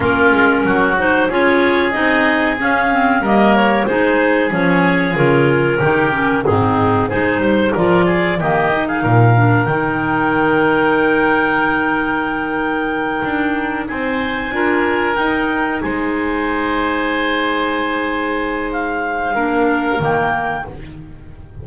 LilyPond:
<<
  \new Staff \with { instrumentName = "clarinet" } { \time 4/4 \tempo 4 = 93 ais'4. c''8 cis''4 dis''4 | f''4 dis''8 cis''8 c''4 cis''4 | ais'2 gis'4 c''4 | d''4 dis''8. f''4~ f''16 g''4~ |
g''1~ | g''4. gis''2 g''8~ | g''8 gis''2.~ gis''8~ | gis''4 f''2 g''4 | }
  \new Staff \with { instrumentName = "oboe" } { \time 4/4 f'4 fis'4 gis'2~ | gis'4 ais'4 gis'2~ | gis'4 g'4 dis'4 gis'8 c''8 | ais'8 gis'8 g'8. gis'16 ais'2~ |
ais'1~ | ais'4. c''4 ais'4.~ | ais'8 c''2.~ c''8~ | c''2 ais'2 | }
  \new Staff \with { instrumentName = "clarinet" } { \time 4/4 cis'4. dis'8 f'4 dis'4 | cis'8 c'8 ais4 dis'4 cis'4 | f'4 dis'8 cis'8 c'4 dis'4 | f'4 ais8 dis'4 d'8 dis'4~ |
dis'1~ | dis'2~ dis'8 f'4 dis'8~ | dis'1~ | dis'2 d'4 ais4 | }
  \new Staff \with { instrumentName = "double bass" } { \time 4/4 ais8 gis8 fis4 cis'4 c'4 | cis'4 g4 gis4 f4 | cis4 dis4 gis,4 gis8 g8 | f4 dis4 ais,4 dis4~ |
dis1~ | dis8 d'4 c'4 d'4 dis'8~ | dis'8 gis2.~ gis8~ | gis2 ais4 dis4 | }
>>